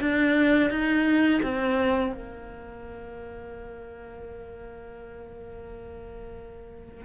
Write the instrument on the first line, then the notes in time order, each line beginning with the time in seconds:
cello
0.00 D4
0.70 D#4
1.42 C4
2.12 A#3